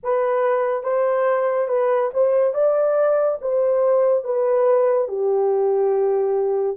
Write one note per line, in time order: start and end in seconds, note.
0.03 0.83 B4
0.83 1.67 C5
1.68 2.10 B4
2.13 2.54 C5
2.54 3.38 D5
3.41 4.23 C5
4.23 5.08 B4
5.08 6.77 G4